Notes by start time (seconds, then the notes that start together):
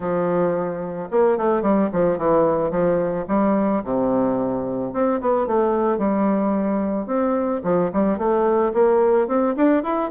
0.00 F3
1.11 A#3
1.37 A3
1.62 G3
1.92 F3
2.18 E3
2.70 F3
3.28 G3
3.84 C3
4.93 C4
5.20 B3
5.46 A3
5.98 G3
7.06 C4
7.63 F3
7.92 G3
8.17 A3
8.73 A#3
9.27 C4
9.56 D4
9.83 E4